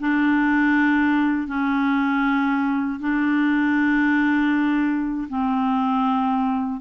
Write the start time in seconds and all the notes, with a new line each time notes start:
0.00 D4
1.47 C#4
3.00 D4
5.29 C4